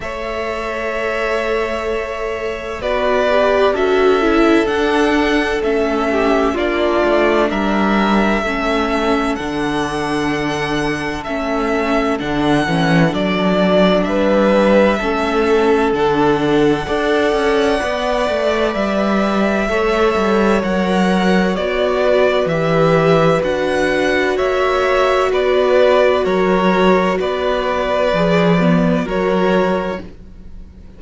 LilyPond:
<<
  \new Staff \with { instrumentName = "violin" } { \time 4/4 \tempo 4 = 64 e''2. d''4 | e''4 fis''4 e''4 d''4 | e''2 fis''2 | e''4 fis''4 d''4 e''4~ |
e''4 fis''2. | e''2 fis''4 d''4 | e''4 fis''4 e''4 d''4 | cis''4 d''2 cis''4 | }
  \new Staff \with { instrumentName = "violin" } { \time 4/4 cis''2. b'4 | a'2~ a'8 g'8 f'4 | ais'4 a'2.~ | a'2. b'4 |
a'2 d''2~ | d''4 cis''2~ cis''8 b'8~ | b'2 cis''4 b'4 | ais'4 b'2 ais'4 | }
  \new Staff \with { instrumentName = "viola" } { \time 4/4 a'2. fis'8 g'8 | fis'8 e'8 d'4 cis'4 d'4~ | d'4 cis'4 d'2 | cis'4 d'8 cis'8 d'2 |
cis'4 d'4 a'4 b'4~ | b'4 a'4 ais'4 fis'4 | g'4 fis'2.~ | fis'2 gis'8 b8 fis'4 | }
  \new Staff \with { instrumentName = "cello" } { \time 4/4 a2. b4 | cis'4 d'4 a4 ais8 a8 | g4 a4 d2 | a4 d8 e8 fis4 g4 |
a4 d4 d'8 cis'8 b8 a8 | g4 a8 g8 fis4 b4 | e4 d'4 ais4 b4 | fis4 b4 f4 fis4 | }
>>